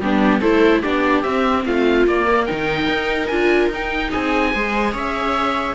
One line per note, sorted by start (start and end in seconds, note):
0.00 0.41 G3
0.00 0.42 B3
0.00 0.41 D4
0.00 0.41 G4
0.41 0.83 A3
0.41 0.83 E4
0.41 0.82 A4
0.41 0.82 C5
0.83 1.24 B3
0.83 1.24 D4
0.83 1.65 G4
0.83 1.23 D5
1.23 1.65 C4
1.23 2.07 C4
1.23 1.64 E5
1.66 2.06 A3
1.66 2.26 F4
1.66 2.07 F5
2.06 2.47 A#3
2.06 2.49 A#3
2.06 2.46 D5
2.26 4.11 A#4
2.46 2.89 D#3
2.46 3.31 D#4
2.46 3.27 G5
2.89 3.30 D#4
3.27 3.69 D4
3.27 3.72 F4
3.27 3.68 G#5
3.69 4.10 D#4
3.69 4.55 D#4
3.69 4.12 G5
4.11 4.54 C4
4.11 4.52 G#4
4.11 4.94 G#5
4.54 4.94 G#3
4.54 5.75 G#4
4.54 4.93 C5
4.93 5.75 C#4
4.93 5.75 C#5
4.93 5.75 E5